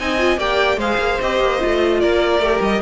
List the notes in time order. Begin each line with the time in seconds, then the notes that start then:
0.00 C4 D#4 D#5 G#5
0.18 F4
0.37 A#3 G4 D5 G5
0.78 G#3 G#4 C5 F5
0.98 A#3
1.21 C4 G4 D#5
1.40 A#3
1.60 A3 F4
2.01 A#3 A#4 D5
2.40 A3 G4
2.61 G3 D#5